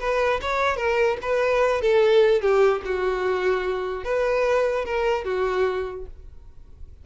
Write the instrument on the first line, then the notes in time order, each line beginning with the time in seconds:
violin
0.00 B4
0.41 C#5
0.77 A#4
1.22 B4
1.82 A4
2.42 G4
2.85 F#4
4.05 B4
4.85 A#4
5.25 F#4